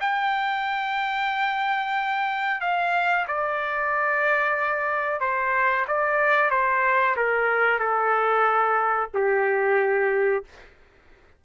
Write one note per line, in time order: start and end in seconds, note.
0.00 2.61 G5
2.61 3.26 F5
3.28 5.20 D5
5.20 5.85 C5
5.87 6.50 D5
6.50 7.16 C5
7.16 7.79 A#4
7.79 9.09 A4
9.14 10.44 G4